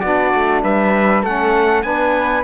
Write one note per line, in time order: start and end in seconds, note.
0.00 0.34 B3
0.00 1.25 D4
0.00 0.61 F#4
0.00 0.61 D5
0.34 0.64 A3
0.62 1.23 G3
0.62 1.23 B4
0.62 1.24 E5
1.23 1.83 A3
1.23 1.83 C#4
1.23 1.83 A4
1.23 1.83 F#5
1.83 2.44 B3
1.83 2.44 D4
1.83 2.44 B4
1.83 2.43 G#5